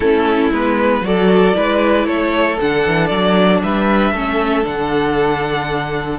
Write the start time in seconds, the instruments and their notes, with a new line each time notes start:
0.00 cello A3, viola C#4, violin E4 A4
0.51 cello G#3, viola B3, violin B4
1.01 cello F#3, viola F#4, violin A4 D5
1.53 cello G#3, viola E4, violin B4
2.06 cello A3, violin A4 C#5
2.60 cello D3, viola D4, violin F#5
2.87 cello E3
3.07 cello F#3, violin D5
3.62 cello G3, violin B4 E5
4.12 cello A3, viola C#4, violin A4
4.63 cello D3, viola D4, violin F#5